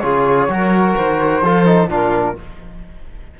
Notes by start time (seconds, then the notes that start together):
0.00 C#3 F4 G#4 C#5
0.48 F#3 F#4 A#4
0.97 D#3 C5
1.43 F3 F4 A4
1.66 D#4
1.87 A#2 D4 F4
1.94 A#4